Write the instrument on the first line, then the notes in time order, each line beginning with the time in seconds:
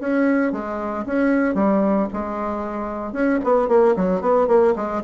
bassoon
0.00 C#4
0.52 G#3
1.05 C#4
1.54 G3
2.13 G#3
3.12 C#4
3.43 B3
3.68 A#3
3.96 F#3
4.21 B3
4.47 A#3
4.75 G#3